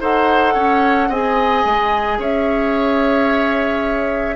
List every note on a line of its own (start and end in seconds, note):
0.00 0.55 D#4
0.00 1.10 A4
0.00 0.54 C5
0.00 1.12 F#5
0.54 1.09 C#4
0.54 1.08 C#5
1.09 1.63 C4
1.09 4.36 G#4
1.09 2.18 D#5
1.09 2.21 G#5
1.65 2.19 G#3
2.19 4.36 C#4
2.19 4.36 C#5
2.19 4.36 E5